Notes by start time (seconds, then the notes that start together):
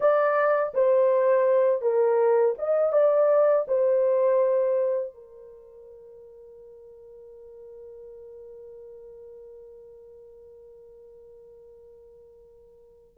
0.00 D5
0.74 C5
1.81 A#4
2.58 D#5
2.92 D5
3.68 C5
5.14 A#4